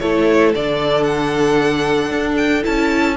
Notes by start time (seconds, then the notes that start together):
0.00 A3 E4 A4 C#5
0.55 D3 D4 D5
1.04 F#5
2.11 D4
2.37 G5
2.63 C#4 E4 A5